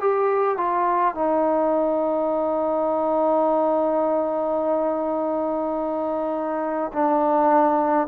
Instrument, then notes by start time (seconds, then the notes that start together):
trombone
0.00 G4
0.57 F4
1.14 D#4
6.92 D4